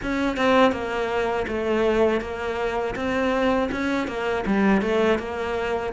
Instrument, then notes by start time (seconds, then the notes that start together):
cello
0.02 C#4
0.37 C4
0.71 A#3
1.47 A3
2.21 A#3
2.95 C4
3.71 C#4
4.07 A#3
4.46 G3
4.81 A3
5.19 A#3